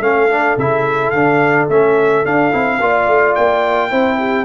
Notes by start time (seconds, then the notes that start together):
0.00 A3 C#4 A4 F5
0.30 D4
0.57 C#3 E4 E5
1.10 D3 D4 F5
1.69 A3 C#4 E5
2.25 D4 F5
2.51 C4 E4
2.80 A#3 F4 D5
3.08 A3
3.35 A#3 G5
3.90 C4 E4 C5
4.18 G4